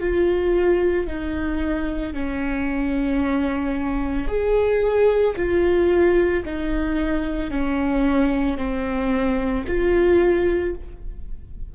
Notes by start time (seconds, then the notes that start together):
0.00 F4
1.07 D#4
2.13 C#4
4.28 G#4
5.36 F4
6.45 D#4
7.50 C#4
8.58 C4
9.67 F4